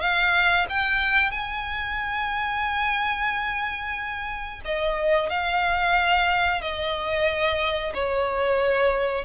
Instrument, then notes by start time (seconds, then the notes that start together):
violin
0.00 F5
0.69 G5
1.31 G#5
4.65 D#5
5.29 F5
6.61 D#5
7.94 C#5